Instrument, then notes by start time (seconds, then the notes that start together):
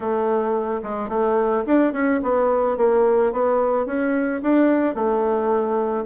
bassoon
0.00 A3
0.83 G#3
1.08 A3
1.66 D4
1.93 C#4
2.22 B3
2.77 A#3
3.32 B3
3.86 C#4
4.42 D4
4.94 A3